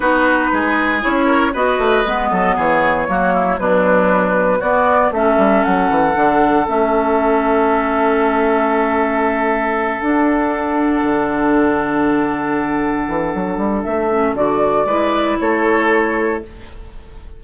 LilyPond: <<
  \new Staff \with { instrumentName = "flute" } { \time 4/4 \tempo 4 = 117 b'2 cis''4 dis''4~ | dis''4 cis''2 b'4~ | b'4 d''4 e''4 fis''4~ | fis''4 e''2.~ |
e''2.~ e''8 fis''8~ | fis''1~ | fis''2. e''4 | d''2 cis''2 | }
  \new Staff \with { instrumentName = "oboe" } { \time 4/4 fis'4 gis'4. ais'8 b'4~ | b'8 a'8 gis'4 fis'8 e'8 d'4~ | d'4 fis'4 a'2~ | a'1~ |
a'1~ | a'1~ | a'1~ | a'4 b'4 a'2 | }
  \new Staff \with { instrumentName = "clarinet" } { \time 4/4 dis'2 e'4 fis'4 | b2 ais4 fis4~ | fis4 b4 cis'2 | d'4 cis'2.~ |
cis'2.~ cis'8 d'8~ | d'1~ | d'2.~ d'8 cis'8 | fis'4 e'2. | }
  \new Staff \with { instrumentName = "bassoon" } { \time 4/4 b4 gis4 cis'4 b8 a8 | gis8 fis8 e4 fis4 b,4~ | b,4 b4 a8 g8 fis8 e8 | d4 a2.~ |
a2.~ a8 d'8~ | d'4. d2~ d8~ | d4. e8 fis8 g8 a4 | d4 gis4 a2 | }
>>